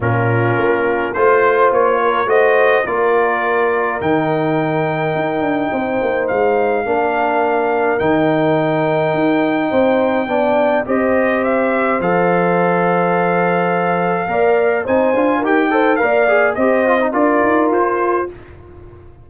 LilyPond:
<<
  \new Staff \with { instrumentName = "trumpet" } { \time 4/4 \tempo 4 = 105 ais'2 c''4 cis''4 | dis''4 d''2 g''4~ | g''2. f''4~ | f''2 g''2~ |
g''2. dis''4 | e''4 f''2.~ | f''2 gis''4 g''4 | f''4 dis''4 d''4 c''4 | }
  \new Staff \with { instrumentName = "horn" } { \time 4/4 f'2 c''4. ais'8 | c''4 ais'2.~ | ais'2 c''2 | ais'1~ |
ais'4 c''4 d''4 c''4~ | c''1~ | c''4 d''4 c''4 ais'8 c''8 | d''4 c''4 ais'2 | }
  \new Staff \with { instrumentName = "trombone" } { \time 4/4 cis'2 f'2 | fis'4 f'2 dis'4~ | dis'1 | d'2 dis'2~ |
dis'2 d'4 g'4~ | g'4 a'2.~ | a'4 ais'4 dis'8 f'8 g'8 a'8 | ais'8 gis'8 g'8 f'16 dis'16 f'2 | }
  \new Staff \with { instrumentName = "tuba" } { \time 4/4 ais,4 ais4 a4 ais4 | a4 ais2 dis4~ | dis4 dis'8 d'8 c'8 ais8 gis4 | ais2 dis2 |
dis'4 c'4 b4 c'4~ | c'4 f2.~ | f4 ais4 c'8 d'8 dis'4 | ais4 c'4 d'8 dis'8 f'4 | }
>>